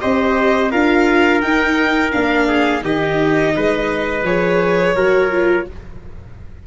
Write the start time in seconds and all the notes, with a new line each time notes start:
0.00 C4 G4 C5 D#5
0.71 D4 F4 A#4 F5
1.41 D#4 G5
2.12 A#3 D4 F5
2.48 G#4
2.81 D#3 D#4 G4 D#5
3.56 G#3 B4
4.23 F3 G#4 C#5
4.96 F#3 F#4 A#4
5.31 F4